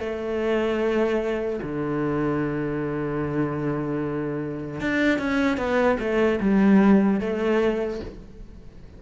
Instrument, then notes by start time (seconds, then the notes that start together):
cello
0.00 A3
1.63 D3
4.81 D4
5.19 C#4
5.57 B3
5.99 A3
6.40 G3
7.20 A3